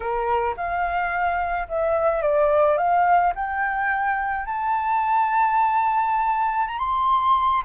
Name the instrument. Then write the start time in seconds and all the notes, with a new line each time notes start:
flute
0.00 A#4
0.56 F5
1.68 E5
2.22 D5
2.77 F5
3.35 G5
4.45 A5
6.67 A#5
6.78 C6